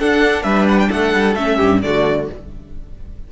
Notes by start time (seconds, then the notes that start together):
0.00 D4 A4 F#5
0.43 G3 B4 E5
0.69 F#5
0.79 G5
0.89 A3 A4 F#5
1.13 G3
1.35 A3 C#4 E5
1.57 G2 G4
1.83 D3 A3 F#4 D5